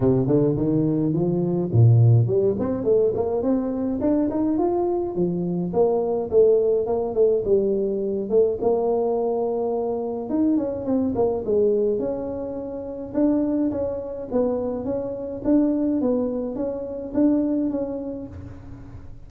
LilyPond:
\new Staff \with { instrumentName = "tuba" } { \time 4/4 \tempo 4 = 105 c8 d8 dis4 f4 ais,4 | g8 c'8 a8 ais8 c'4 d'8 dis'8 | f'4 f4 ais4 a4 | ais8 a8 g4. a8 ais4~ |
ais2 dis'8 cis'8 c'8 ais8 | gis4 cis'2 d'4 | cis'4 b4 cis'4 d'4 | b4 cis'4 d'4 cis'4 | }